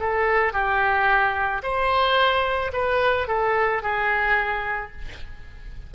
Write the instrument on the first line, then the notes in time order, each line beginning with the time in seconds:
oboe
0.00 A4
0.53 G4
1.63 C5
2.73 B4
3.28 A4
3.82 G#4